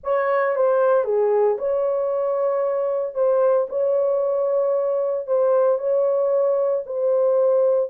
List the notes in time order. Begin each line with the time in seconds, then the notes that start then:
0.03 C#5
0.55 C5
1.04 G#4
1.58 C#5
3.14 C5
3.69 C#5
5.26 C5
5.78 C#5
6.86 C5